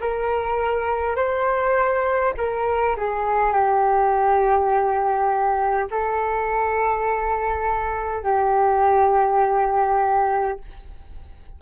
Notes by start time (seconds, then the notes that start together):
0.00 A#4
1.16 C5
2.37 A#4
2.97 G#4
3.53 G4
5.91 A4
8.23 G4